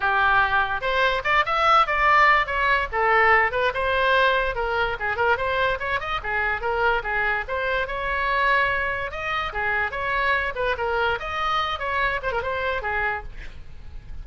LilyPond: \new Staff \with { instrumentName = "oboe" } { \time 4/4 \tempo 4 = 145 g'2 c''4 d''8 e''8~ | e''8 d''4. cis''4 a'4~ | a'8 b'8 c''2 ais'4 | gis'8 ais'8 c''4 cis''8 dis''8 gis'4 |
ais'4 gis'4 c''4 cis''4~ | cis''2 dis''4 gis'4 | cis''4. b'8 ais'4 dis''4~ | dis''8 cis''4 c''16 ais'16 c''4 gis'4 | }